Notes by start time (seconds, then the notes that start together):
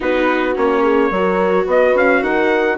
0.00 B3 D#4 F#4 B4
0.55 A#3 C#4 C#5
0.82 G#4
1.10 F#3 F#4 A#4
1.66 B3 B4 D#5
1.94 C#4 F5
2.22 D#4 A#4 F#5